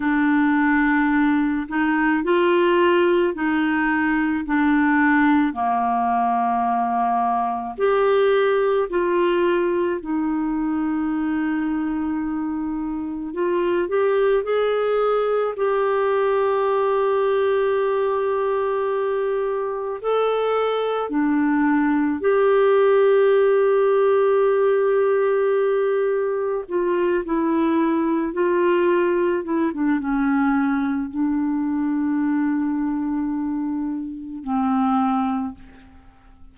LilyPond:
\new Staff \with { instrumentName = "clarinet" } { \time 4/4 \tempo 4 = 54 d'4. dis'8 f'4 dis'4 | d'4 ais2 g'4 | f'4 dis'2. | f'8 g'8 gis'4 g'2~ |
g'2 a'4 d'4 | g'1 | f'8 e'4 f'4 e'16 d'16 cis'4 | d'2. c'4 | }